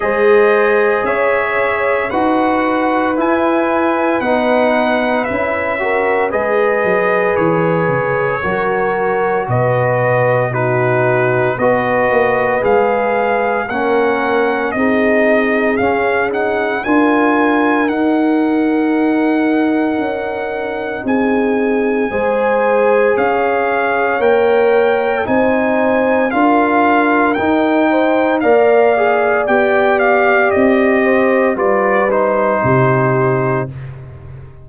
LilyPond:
<<
  \new Staff \with { instrumentName = "trumpet" } { \time 4/4 \tempo 4 = 57 dis''4 e''4 fis''4 gis''4 | fis''4 e''4 dis''4 cis''4~ | cis''4 dis''4 b'4 dis''4 | f''4 fis''4 dis''4 f''8 fis''8 |
gis''4 fis''2. | gis''2 f''4 g''4 | gis''4 f''4 g''4 f''4 | g''8 f''8 dis''4 d''8 c''4. | }
  \new Staff \with { instrumentName = "horn" } { \time 4/4 c''4 cis''4 b'2~ | b'4. ais'8 b'2 | ais'4 b'4 fis'4 b'4~ | b'4 ais'4 gis'2 |
ais'1 | gis'4 c''4 cis''2 | c''4 ais'4. c''8 d''4~ | d''4. c''8 b'4 g'4 | }
  \new Staff \with { instrumentName = "trombone" } { \time 4/4 gis'2 fis'4 e'4 | dis'4 e'8 fis'8 gis'2 | fis'2 dis'4 fis'4 | gis'4 cis'4 dis'4 cis'8 dis'8 |
f'4 dis'2.~ | dis'4 gis'2 ais'4 | dis'4 f'4 dis'4 ais'8 gis'8 | g'2 f'8 dis'4. | }
  \new Staff \with { instrumentName = "tuba" } { \time 4/4 gis4 cis'4 dis'4 e'4 | b4 cis'4 gis8 fis8 e8 cis8 | fis4 b,2 b8 ais8 | gis4 ais4 c'4 cis'4 |
d'4 dis'2 cis'4 | c'4 gis4 cis'4 ais4 | c'4 d'4 dis'4 ais4 | b4 c'4 g4 c4 | }
>>